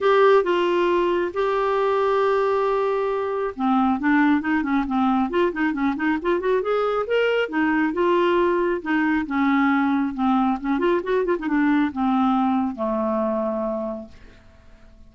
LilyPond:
\new Staff \with { instrumentName = "clarinet" } { \time 4/4 \tempo 4 = 136 g'4 f'2 g'4~ | g'1 | c'4 d'4 dis'8 cis'8 c'4 | f'8 dis'8 cis'8 dis'8 f'8 fis'8 gis'4 |
ais'4 dis'4 f'2 | dis'4 cis'2 c'4 | cis'8 f'8 fis'8 f'16 dis'16 d'4 c'4~ | c'4 a2. | }